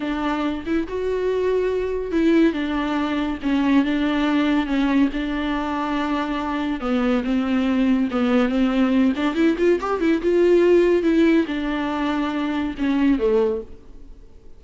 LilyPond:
\new Staff \with { instrumentName = "viola" } { \time 4/4 \tempo 4 = 141 d'4. e'8 fis'2~ | fis'4 e'4 d'2 | cis'4 d'2 cis'4 | d'1 |
b4 c'2 b4 | c'4. d'8 e'8 f'8 g'8 e'8 | f'2 e'4 d'4~ | d'2 cis'4 a4 | }